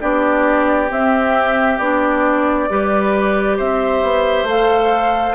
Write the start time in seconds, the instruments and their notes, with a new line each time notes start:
0.00 bassoon B3, clarinet D4, oboe G4, flute D5
0.88 clarinet C4, bassoon C4, flute E5
1.78 bassoon B3, clarinet D4, flute D5
2.69 bassoon G3, clarinet G4, oboe B4
3.57 bassoon C4, oboe C5, flute E5
4.02 bassoon B3
4.43 bassoon A3, clarinet A4, flute F5